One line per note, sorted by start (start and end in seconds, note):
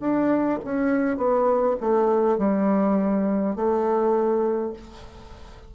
0.00 0.59 D4
0.65 1.17 C#4
1.17 1.76 B3
1.80 2.38 A3
2.38 3.56 G3
3.56 4.73 A3